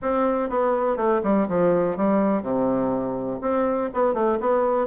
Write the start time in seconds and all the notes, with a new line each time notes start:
0.02 C4
0.49 B3
0.96 A3
1.23 G3
1.48 F3
1.96 G3
2.42 C3
3.41 C4
3.93 B3
4.14 A3
4.40 B3